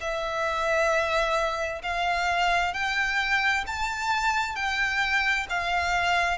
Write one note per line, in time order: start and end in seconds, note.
0.00 1.82 E5
1.83 2.74 F5
2.74 3.64 G5
3.67 4.55 A5
4.55 5.46 G5
5.50 6.37 F5